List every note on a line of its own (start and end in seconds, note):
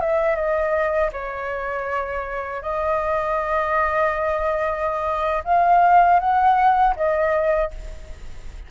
0.00 0.35 E5
0.35 1.10 D#5
1.12 2.61 C#5
2.61 5.43 D#5
5.44 6.19 F5
6.19 6.94 F#5
6.95 7.70 D#5